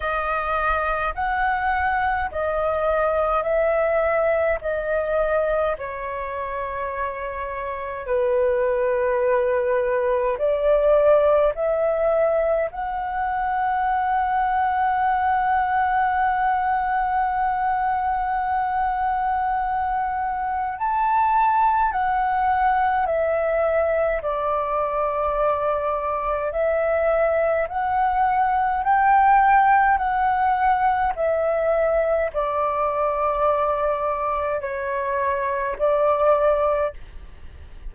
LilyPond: \new Staff \with { instrumentName = "flute" } { \time 4/4 \tempo 4 = 52 dis''4 fis''4 dis''4 e''4 | dis''4 cis''2 b'4~ | b'4 d''4 e''4 fis''4~ | fis''1~ |
fis''2 a''4 fis''4 | e''4 d''2 e''4 | fis''4 g''4 fis''4 e''4 | d''2 cis''4 d''4 | }